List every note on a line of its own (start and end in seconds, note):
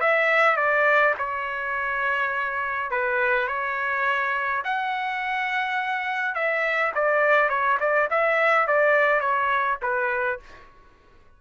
0.00 0.56 E5
0.56 1.14 D5
1.18 2.91 C#5
2.91 3.47 B4
3.47 4.63 C#5
4.64 6.34 F#5
6.34 6.92 E5
6.95 7.49 D5
7.49 7.78 C#5
7.80 8.08 D5
8.10 8.67 E5
8.67 9.20 D5
9.20 9.78 C#5
9.82 10.39 B4